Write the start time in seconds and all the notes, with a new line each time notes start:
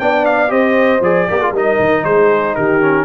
0.00 B3 D4 D5 G5
0.26 F5
0.49 C4 G4 C5 D#5
1.01 F3 G#4 D5
1.29 A#3 G4 A#4
1.39 F4 G#4
1.52 G3 D#4 A#4 D#5
1.80 D#3
2.05 G#3 G#4 C5
2.55 D#3 G4 A#4
2.82 C#4